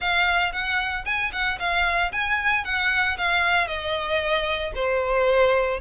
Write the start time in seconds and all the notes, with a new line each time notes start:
0.00 F5
0.52 F#5
1.05 G#5
1.32 F#5
1.59 F5
2.11 G#5
2.64 F#5
3.17 F5
3.67 D#5
4.75 C5